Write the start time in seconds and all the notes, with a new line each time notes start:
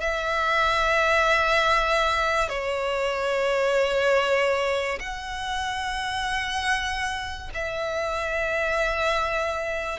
0.00 E5
2.49 C#5
5.00 F#5
7.54 E5